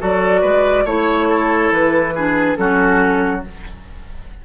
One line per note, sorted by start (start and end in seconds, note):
0.00 0.43 F#3
0.00 0.86 F#4
0.00 0.41 A4
0.00 0.87 D5
0.41 0.85 G#3
0.41 0.84 B4
0.85 1.71 A3
0.85 2.15 E4
0.85 1.28 C#5
0.85 1.73 C#5
1.28 2.14 A4
1.71 2.57 E3
1.71 2.56 B4
2.15 2.57 D4
2.15 2.58 G#4
2.56 3.44 F#3
2.56 3.42 C#4
2.56 3.46 F#4
2.56 3.41 A4